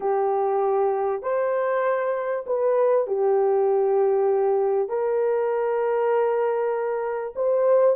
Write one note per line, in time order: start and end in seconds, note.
0.00 1.22 G4
1.22 2.44 C5
2.46 3.07 B4
3.07 4.88 G4
4.88 7.33 A#4
7.35 7.96 C5